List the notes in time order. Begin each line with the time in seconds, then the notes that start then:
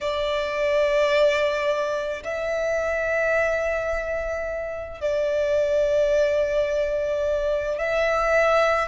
0.01 D5
2.23 E5
5.00 D5
7.78 E5